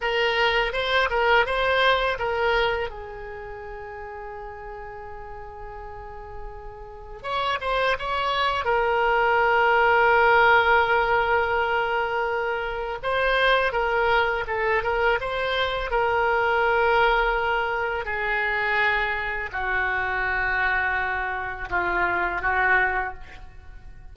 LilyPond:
\new Staff \with { instrumentName = "oboe" } { \time 4/4 \tempo 4 = 83 ais'4 c''8 ais'8 c''4 ais'4 | gis'1~ | gis'2 cis''8 c''8 cis''4 | ais'1~ |
ais'2 c''4 ais'4 | a'8 ais'8 c''4 ais'2~ | ais'4 gis'2 fis'4~ | fis'2 f'4 fis'4 | }